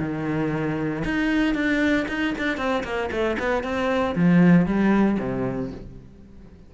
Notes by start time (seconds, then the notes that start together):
0.00 D#3
1.04 D#4
1.54 D4
2.08 D#4
2.38 D4
2.57 C4
2.84 A#3
3.11 A3
3.39 B3
3.63 C4
4.15 F3
4.66 G3
5.20 C3